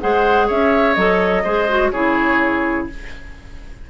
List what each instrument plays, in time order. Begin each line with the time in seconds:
0.00 bassoon G#3, clarinet G#4, oboe C5, flute F#5
0.47 bassoon C#4, oboe C#5, flute E5
0.94 bassoon F#3, clarinet A4, flute D#5
1.44 bassoon G#3, clarinet G#4, oboe C5
1.69 clarinet F#4
1.91 bassoon C#3, clarinet E4, oboe G#4, flute C#5